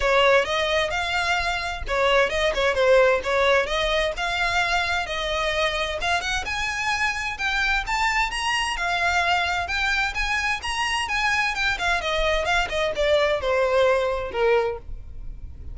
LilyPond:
\new Staff \with { instrumentName = "violin" } { \time 4/4 \tempo 4 = 130 cis''4 dis''4 f''2 | cis''4 dis''8 cis''8 c''4 cis''4 | dis''4 f''2 dis''4~ | dis''4 f''8 fis''8 gis''2 |
g''4 a''4 ais''4 f''4~ | f''4 g''4 gis''4 ais''4 | gis''4 g''8 f''8 dis''4 f''8 dis''8 | d''4 c''2 ais'4 | }